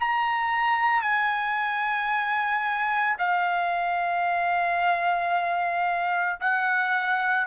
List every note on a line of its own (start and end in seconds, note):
0.00 1.02 A#5
1.02 3.16 G#5
3.19 6.40 F5
6.40 7.47 F#5